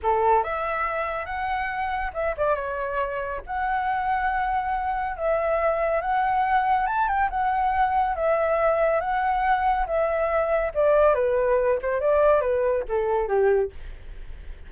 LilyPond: \new Staff \with { instrumentName = "flute" } { \time 4/4 \tempo 4 = 140 a'4 e''2 fis''4~ | fis''4 e''8 d''8 cis''2 | fis''1 | e''2 fis''2 |
a''8 g''8 fis''2 e''4~ | e''4 fis''2 e''4~ | e''4 d''4 b'4. c''8 | d''4 b'4 a'4 g'4 | }